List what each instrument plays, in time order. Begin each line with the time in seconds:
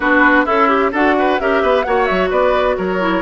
0.00 bassoon B3, clarinet D4, oboe F#4, flute B4
0.45 bassoon C#4, oboe E4, clarinet A4, flute E5
0.68 clarinet G4
0.91 bassoon D4, clarinet F#4, oboe A4, flute F#5
1.19 oboe B4
1.39 bassoon C#4, clarinet G4, oboe A#4, flute E5
1.62 bassoon B3, oboe B4
1.82 bassoon A#3, clarinet F#4, oboe C#5, flute F#5
2.05 bassoon F#3, flute E5
2.30 bassoon B3, oboe B4, flute D5
2.77 bassoon F#3, oboe A#4, flute C#5
2.99 clarinet E4